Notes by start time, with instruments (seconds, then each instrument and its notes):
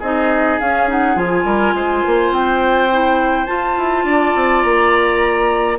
0.00 bassoon C4, clarinet D#4, oboe G#4, flute D#5
0.60 bassoon C#4, clarinet C#4, flute F5
0.88 clarinet D#4, flute F#5
1.16 bassoon F3, clarinet F4, flute G#5
1.44 bassoon G3, oboe A#4
1.74 bassoon G#3, oboe C5
2.07 bassoon A#3
2.31 bassoon C4, flute G5
2.92 clarinet E4
3.46 clarinet F4, bassoon F4, flute A5
3.78 bassoon E4
4.04 bassoon D4, oboe D5
4.36 bassoon C4
4.62 bassoon A#3, flute A#5